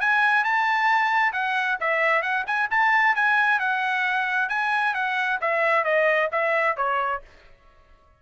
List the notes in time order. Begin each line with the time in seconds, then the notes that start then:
0.00 G#5
0.44 A5
1.32 F#5
1.80 E5
2.22 F#5
2.46 G#5
2.70 A5
3.15 G#5
3.59 F#5
4.49 G#5
4.94 F#5
5.41 E5
5.84 D#5
6.32 E5
6.76 C#5